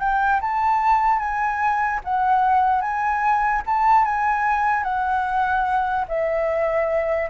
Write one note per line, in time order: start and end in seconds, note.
0.00 0.41 G5
0.42 1.19 A5
1.19 2.00 G#5
2.05 2.82 F#5
2.82 3.63 G#5
3.67 4.05 A5
4.05 4.84 G#5
4.84 6.05 F#5
6.08 7.30 E5